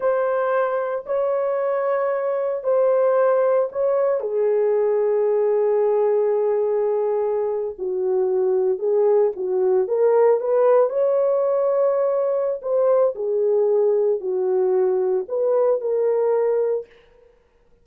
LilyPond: \new Staff \with { instrumentName = "horn" } { \time 4/4 \tempo 4 = 114 c''2 cis''2~ | cis''4 c''2 cis''4 | gis'1~ | gis'2~ gis'8. fis'4~ fis'16~ |
fis'8. gis'4 fis'4 ais'4 b'16~ | b'8. cis''2.~ cis''16 | c''4 gis'2 fis'4~ | fis'4 b'4 ais'2 | }